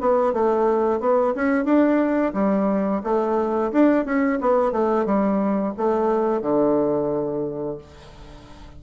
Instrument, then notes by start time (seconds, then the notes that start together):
bassoon
0.00 B3
0.33 A3
1.00 B3
1.35 C#4
1.65 D4
2.34 G3
3.03 A3
3.72 D4
4.05 C#4
4.41 B3
4.72 A3
5.05 G3
5.77 A3
6.41 D3